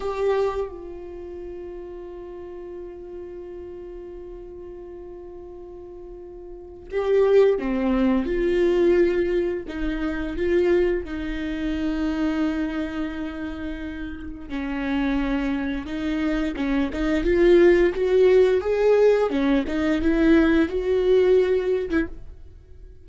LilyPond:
\new Staff \with { instrumentName = "viola" } { \time 4/4 \tempo 4 = 87 g'4 f'2.~ | f'1~ | f'2 g'4 c'4 | f'2 dis'4 f'4 |
dis'1~ | dis'4 cis'2 dis'4 | cis'8 dis'8 f'4 fis'4 gis'4 | cis'8 dis'8 e'4 fis'4.~ fis'16 e'16 | }